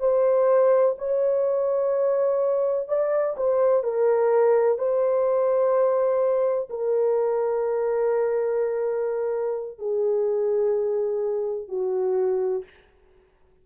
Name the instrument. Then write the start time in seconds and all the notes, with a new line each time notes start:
horn
0.00 C5
0.98 C#5
2.88 D5
3.37 C5
3.83 A#4
4.78 C5
6.70 A#4
9.78 G#4
11.68 F#4